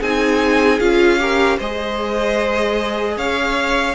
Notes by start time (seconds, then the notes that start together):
0.00 C4 D#4 G#4 G#5
0.80 C#4 F4 F5
1.19 G4 A#4
1.57 G#3 G#4 C5 D#5
3.17 C#4 C#5 F5